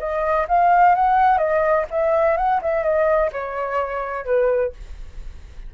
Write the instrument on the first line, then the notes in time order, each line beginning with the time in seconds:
flute
0.00 D#5
0.49 F5
0.96 F#5
1.39 D#5
1.91 E5
2.38 F#5
2.62 E5
2.83 D#5
3.33 C#5
4.26 B4